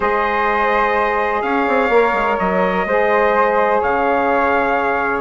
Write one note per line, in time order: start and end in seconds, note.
0.00 1.42 G#3
0.00 1.90 G#4
0.00 1.42 C5
0.00 1.42 D#5
1.42 1.66 C#4
1.42 2.87 C#5
1.42 2.37 F5
1.67 1.89 C4
1.89 2.13 A#3
1.89 2.86 A#4
2.13 2.37 G#3
2.38 2.85 F#3
2.38 3.81 D#5
2.85 3.80 G#3
2.85 5.21 G#4
2.85 3.80 C5
3.80 5.21 C#3
3.80 5.21 C#5
3.80 5.21 F5